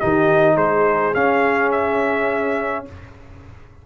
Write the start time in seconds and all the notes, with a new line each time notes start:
0.00 D#3 D#4 G4 D#5
0.55 G#3 G#4 C5
1.14 C#4 F5
1.72 E5